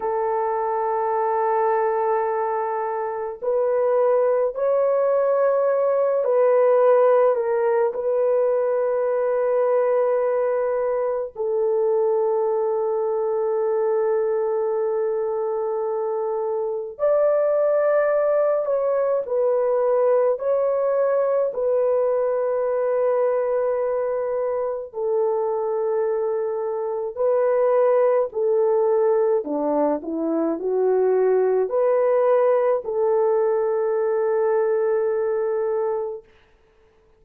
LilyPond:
\new Staff \with { instrumentName = "horn" } { \time 4/4 \tempo 4 = 53 a'2. b'4 | cis''4. b'4 ais'8 b'4~ | b'2 a'2~ | a'2. d''4~ |
d''8 cis''8 b'4 cis''4 b'4~ | b'2 a'2 | b'4 a'4 d'8 e'8 fis'4 | b'4 a'2. | }